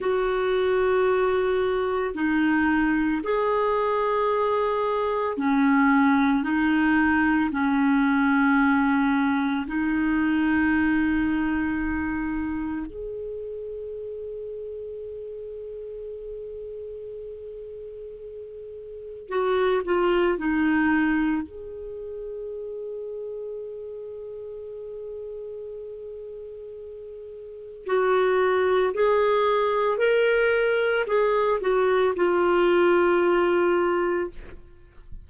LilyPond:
\new Staff \with { instrumentName = "clarinet" } { \time 4/4 \tempo 4 = 56 fis'2 dis'4 gis'4~ | gis'4 cis'4 dis'4 cis'4~ | cis'4 dis'2. | gis'1~ |
gis'2 fis'8 f'8 dis'4 | gis'1~ | gis'2 fis'4 gis'4 | ais'4 gis'8 fis'8 f'2 | }